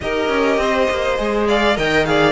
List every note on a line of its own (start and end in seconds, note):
0.00 0.28 D#4
0.00 1.17 G4
0.00 0.61 A#4
0.00 1.47 D#5
0.28 0.57 C#4
0.57 0.87 C4
0.57 1.47 C5
0.90 1.18 A#3
1.17 1.77 G#3
1.17 1.76 G#4
1.47 1.76 D5
1.47 1.77 F5
1.76 2.32 D#3
1.76 2.05 A#4
1.76 2.06 D#5
1.76 2.05 G5
2.05 2.32 G#4
2.05 2.32 D5
2.05 2.32 F5